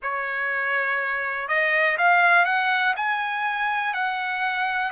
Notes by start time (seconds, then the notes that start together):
0.02 C#5
1.48 D#5
1.97 F5
2.45 F#5
2.96 G#5
3.93 F#5